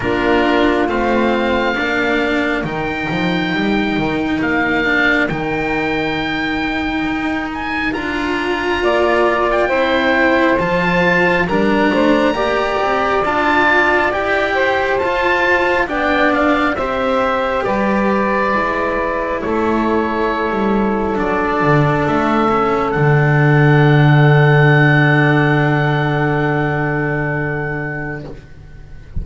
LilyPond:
<<
  \new Staff \with { instrumentName = "oboe" } { \time 4/4 \tempo 4 = 68 ais'4 f''2 g''4~ | g''4 f''4 g''2~ | g''8 gis''8 ais''4.~ ais''16 g''4~ g''16 | a''4 ais''2 a''4 |
g''4 a''4 g''8 f''8 e''4 | d''2 cis''2 | d''4 e''4 fis''2~ | fis''1 | }
  \new Staff \with { instrumentName = "saxophone" } { \time 4/4 f'2 ais'2~ | ais'1~ | ais'2 d''4 c''4~ | c''4 ais'8 c''8 d''2~ |
d''8 c''4. d''4 c''4 | b'2 a'2~ | a'1~ | a'1 | }
  \new Staff \with { instrumentName = "cello" } { \time 4/4 d'4 c'4 d'4 dis'4~ | dis'4. d'8 dis'2~ | dis'4 f'2 e'4 | f'4 d'4 g'4 f'4 |
g'4 f'4 d'4 g'4~ | g'4 e'2. | d'4. cis'8 d'2~ | d'1 | }
  \new Staff \with { instrumentName = "double bass" } { \time 4/4 ais4 a4 ais4 dis8 f8 | g8 dis8 ais4 dis2 | dis'4 d'4 ais4 c'4 | f4 g8 a8 ais8 c'8 d'4 |
e'4 f'4 b4 c'4 | g4 gis4 a4~ a16 g8. | fis8 d8 a4 d2~ | d1 | }
>>